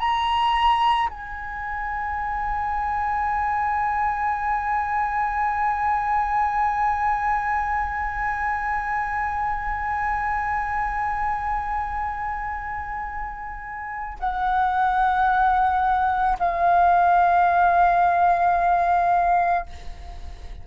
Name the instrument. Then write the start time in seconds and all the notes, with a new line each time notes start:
flute
0.00 A#5
1.10 G#5
14.20 F#5
16.39 F5